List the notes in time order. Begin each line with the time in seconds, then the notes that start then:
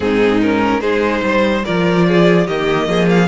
0.00 G#2 C4 D#4 G#4
0.41 C#4 A#4
0.80 G#3 D#4 G#4 C5
1.22 G3 C5
1.64 F3 F4 A#4 D5
2.08 G#4
2.46 D#3 A#3 G4 D#5
2.87 F3 G#4
3.09 F5